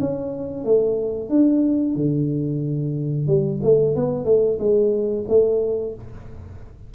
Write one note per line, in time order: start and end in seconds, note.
0.00 0.64 C#4
0.64 1.29 A3
1.29 1.95 D4
1.95 3.27 D3
3.28 3.61 G3
3.63 3.96 A3
3.96 4.25 B3
4.25 4.58 A3
4.59 5.25 G#3
5.29 5.95 A3